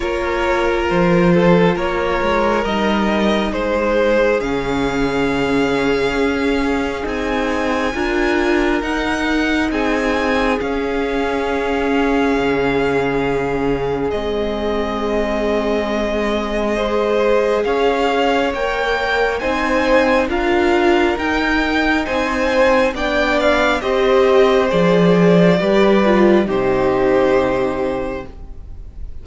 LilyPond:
<<
  \new Staff \with { instrumentName = "violin" } { \time 4/4 \tempo 4 = 68 cis''4 c''4 cis''4 dis''4 | c''4 f''2. | gis''2 fis''4 gis''4 | f''1 |
dis''1 | f''4 g''4 gis''4 f''4 | g''4 gis''4 g''8 f''8 dis''4 | d''2 c''2 | }
  \new Staff \with { instrumentName = "violin" } { \time 4/4 ais'4. a'8 ais'2 | gis'1~ | gis'4 ais'2 gis'4~ | gis'1~ |
gis'2. c''4 | cis''2 c''4 ais'4~ | ais'4 c''4 d''4 c''4~ | c''4 b'4 g'2 | }
  \new Staff \with { instrumentName = "viola" } { \time 4/4 f'2. dis'4~ | dis'4 cis'2. | dis'4 f'4 dis'2 | cis'1 |
c'2. gis'4~ | gis'4 ais'4 dis'4 f'4 | dis'2 d'4 g'4 | gis'4 g'8 f'8 dis'2 | }
  \new Staff \with { instrumentName = "cello" } { \time 4/4 ais4 f4 ais8 gis8 g4 | gis4 cis2 cis'4 | c'4 d'4 dis'4 c'4 | cis'2 cis2 |
gis1 | cis'4 ais4 c'4 d'4 | dis'4 c'4 b4 c'4 | f4 g4 c2 | }
>>